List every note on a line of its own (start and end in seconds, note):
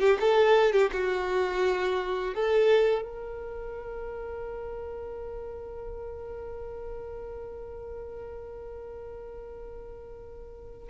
0.00 0.18 G4
0.20 0.72 A4
0.72 0.90 G4
0.93 2.35 F#4
2.35 3.02 A4
3.02 10.88 A#4